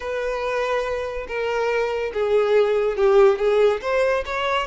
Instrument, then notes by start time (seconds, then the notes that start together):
violin
0.00 B4
1.27 A#4
2.13 G#4
2.97 G4
3.38 G#4
3.81 C5
4.25 C#5